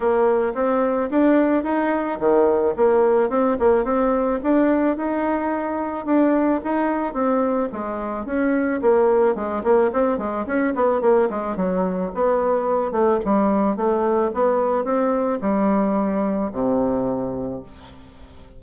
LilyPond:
\new Staff \with { instrumentName = "bassoon" } { \time 4/4 \tempo 4 = 109 ais4 c'4 d'4 dis'4 | dis4 ais4 c'8 ais8 c'4 | d'4 dis'2 d'4 | dis'4 c'4 gis4 cis'4 |
ais4 gis8 ais8 c'8 gis8 cis'8 b8 | ais8 gis8 fis4 b4. a8 | g4 a4 b4 c'4 | g2 c2 | }